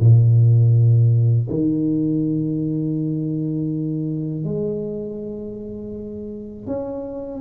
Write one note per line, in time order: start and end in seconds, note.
0.00 1.48 A#2
1.49 4.44 D#3
4.44 6.67 G#3
6.67 7.41 C#4